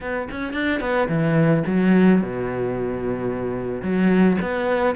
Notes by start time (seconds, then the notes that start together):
0.01 B3
0.30 C#4
0.53 D4
0.80 B3
1.08 E3
1.66 F#3
2.21 B2
3.82 F#3
4.41 B3